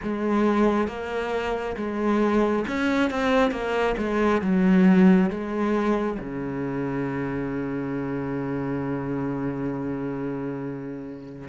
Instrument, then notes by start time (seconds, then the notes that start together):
cello
0.02 G#3
0.87 A#3
1.76 G#3
2.67 C#4
3.10 C4
3.51 A#3
3.97 G#3
4.41 F#3
5.29 G#3
6.19 C#3